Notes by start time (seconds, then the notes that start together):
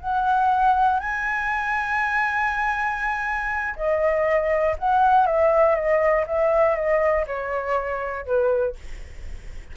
0.00 F#5
1.00 G#5
3.76 D#5
4.78 F#5
5.26 E5
5.75 D#5
6.27 E5
6.75 D#5
7.27 C#5
8.25 B4